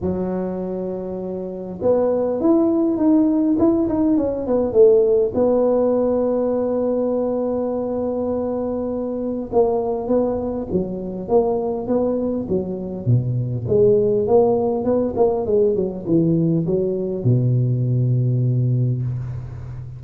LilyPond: \new Staff \with { instrumentName = "tuba" } { \time 4/4 \tempo 4 = 101 fis2. b4 | e'4 dis'4 e'8 dis'8 cis'8 b8 | a4 b2.~ | b1 |
ais4 b4 fis4 ais4 | b4 fis4 b,4 gis4 | ais4 b8 ais8 gis8 fis8 e4 | fis4 b,2. | }